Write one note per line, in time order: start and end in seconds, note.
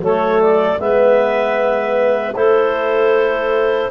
0.00 0.78 F#3
0.00 0.79 A3
0.00 0.80 A4
0.00 0.42 C#5
0.42 0.80 D5
0.79 2.35 G#3
0.79 2.35 B3
0.79 2.36 B4
0.79 2.35 E5
2.35 3.91 A3
2.35 3.91 E4
2.35 3.91 A4
2.35 3.91 C5